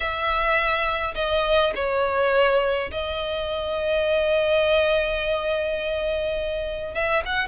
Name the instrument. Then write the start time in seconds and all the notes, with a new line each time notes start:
violin
0.00 E5
1.15 D#5
1.75 C#5
2.91 D#5
6.94 E5
7.25 F#5